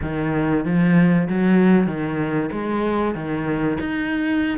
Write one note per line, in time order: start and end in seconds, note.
0.01 0.65 D#3
0.65 1.28 F3
1.29 1.86 F#3
1.86 2.49 D#3
2.51 3.14 G#3
3.14 3.78 D#3
3.80 4.58 D#4